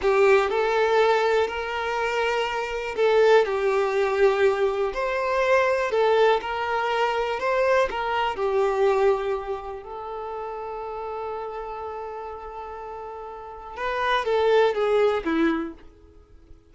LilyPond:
\new Staff \with { instrumentName = "violin" } { \time 4/4 \tempo 4 = 122 g'4 a'2 ais'4~ | ais'2 a'4 g'4~ | g'2 c''2 | a'4 ais'2 c''4 |
ais'4 g'2. | a'1~ | a'1 | b'4 a'4 gis'4 e'4 | }